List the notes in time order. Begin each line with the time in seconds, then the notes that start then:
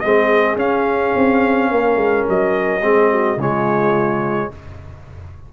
0.00 G#3 C4 G#4 D#5
0.57 C#4 F5
1.16 C4
1.70 A#3 A#4
1.96 G#3
2.29 F#3 D#5
2.83 G#3 C4 G#4
3.11 F#4
3.37 C#3 G#3 F4 C#5